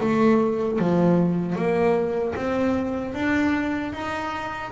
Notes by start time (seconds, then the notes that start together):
0.00 A3
0.79 F3
1.56 A#3
2.36 C4
3.14 D4
3.93 D#4